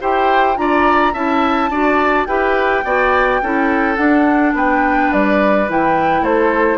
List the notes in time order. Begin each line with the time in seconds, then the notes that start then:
0.00 E4 G4 C5 G5
0.56 D4 F4 D5 A#5
1.13 C#4 E4 E5 A5
1.70 D4 F#4 D5
2.27 E4 G4 B4 G5
2.84 B3 F#4 D5
3.42 C#4 E4 A4
3.96 D4 F#5
4.54 B3 B4 G5
5.13 G3 D5
5.69 E3 E4 G5
6.21 A3 A4 C5